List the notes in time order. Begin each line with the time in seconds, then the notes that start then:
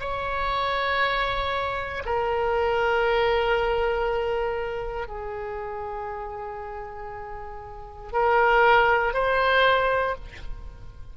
0.00 C#5
2.06 A#4
5.08 G#4
8.13 A#4
9.14 C5